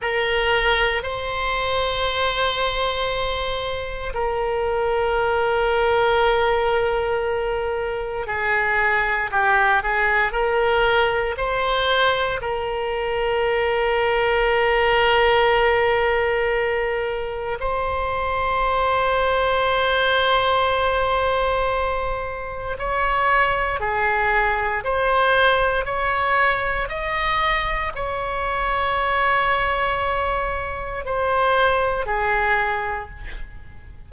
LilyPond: \new Staff \with { instrumentName = "oboe" } { \time 4/4 \tempo 4 = 58 ais'4 c''2. | ais'1 | gis'4 g'8 gis'8 ais'4 c''4 | ais'1~ |
ais'4 c''2.~ | c''2 cis''4 gis'4 | c''4 cis''4 dis''4 cis''4~ | cis''2 c''4 gis'4 | }